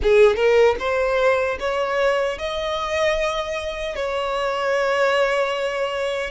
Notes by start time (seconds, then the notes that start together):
0.02 G#4
0.36 A#4
0.79 C5
1.59 C#5
2.38 D#5
3.95 C#5